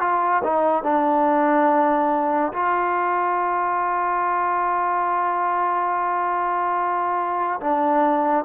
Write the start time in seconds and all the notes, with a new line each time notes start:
0.00 F4
0.43 D#4
0.83 D4
2.53 F4
7.61 D4